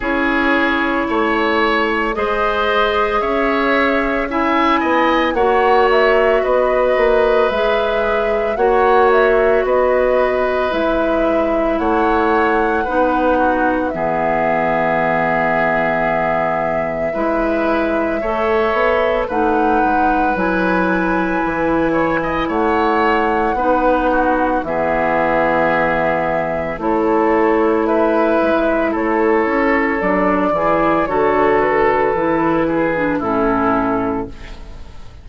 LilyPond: <<
  \new Staff \with { instrumentName = "flute" } { \time 4/4 \tempo 4 = 56 cis''2 dis''4 e''4 | gis''4 fis''8 e''8 dis''4 e''4 | fis''8 e''8 dis''4 e''4 fis''4~ | fis''4 e''2.~ |
e''2 fis''4 gis''4~ | gis''4 fis''2 e''4~ | e''4 cis''4 e''4 cis''4 | d''4 cis''8 b'4. a'4 | }
  \new Staff \with { instrumentName = "oboe" } { \time 4/4 gis'4 cis''4 c''4 cis''4 | e''8 dis''8 cis''4 b'2 | cis''4 b'2 cis''4 | b'8 fis'8 gis'2. |
b'4 cis''4 b'2~ | b'8 cis''16 dis''16 cis''4 b'8 fis'8 gis'4~ | gis'4 a'4 b'4 a'4~ | a'8 gis'8 a'4. gis'8 e'4 | }
  \new Staff \with { instrumentName = "clarinet" } { \time 4/4 e'2 gis'2 | e'4 fis'2 gis'4 | fis'2 e'2 | dis'4 b2. |
e'4 a'4 dis'4 e'4~ | e'2 dis'4 b4~ | b4 e'2. | d'8 e'8 fis'4 e'8. d'16 cis'4 | }
  \new Staff \with { instrumentName = "bassoon" } { \time 4/4 cis'4 a4 gis4 cis'4~ | cis'8 b8 ais4 b8 ais8 gis4 | ais4 b4 gis4 a4 | b4 e2. |
gis4 a8 b8 a8 gis8 fis4 | e4 a4 b4 e4~ | e4 a4. gis8 a8 cis'8 | fis8 e8 d4 e4 a,4 | }
>>